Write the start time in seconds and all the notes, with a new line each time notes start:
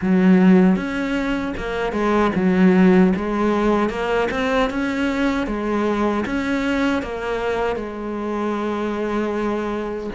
0.01 F#3
0.75 C#4
1.57 A#3
1.92 G#3
2.35 F#3
3.16 G#3
3.89 A#3
4.31 C4
4.70 C#4
5.47 G#3
6.25 C#4
7.02 A#3
7.76 G#3